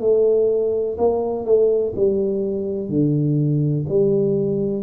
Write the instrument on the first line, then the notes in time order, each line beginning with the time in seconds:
tuba
0.00 A3
0.98 A#3
1.45 A3
1.95 G3
2.89 D3
3.88 G3